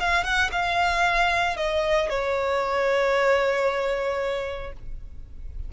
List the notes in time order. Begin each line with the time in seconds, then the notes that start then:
0.00 F5
0.24 F#5
0.52 F5
1.57 D#5
2.10 C#5